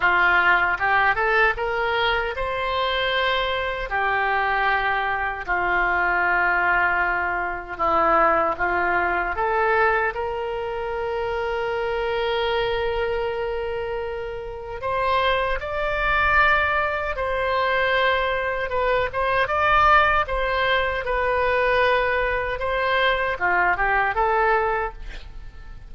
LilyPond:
\new Staff \with { instrumentName = "oboe" } { \time 4/4 \tempo 4 = 77 f'4 g'8 a'8 ais'4 c''4~ | c''4 g'2 f'4~ | f'2 e'4 f'4 | a'4 ais'2.~ |
ais'2. c''4 | d''2 c''2 | b'8 c''8 d''4 c''4 b'4~ | b'4 c''4 f'8 g'8 a'4 | }